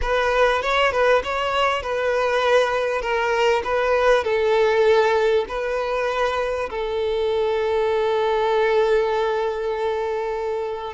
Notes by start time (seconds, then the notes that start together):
0.01 B4
0.62 C#5
0.92 B4
1.23 C#5
1.82 B4
3.01 A#4
3.64 B4
4.23 A4
5.48 B4
6.69 A4